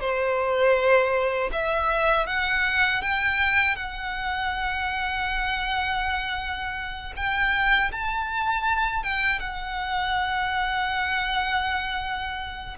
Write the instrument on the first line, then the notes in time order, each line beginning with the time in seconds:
violin
0.00 C5
1.52 E5
2.27 F#5
3.02 G5
3.76 F#5
7.16 G5
7.92 A5
9.03 G5
9.40 F#5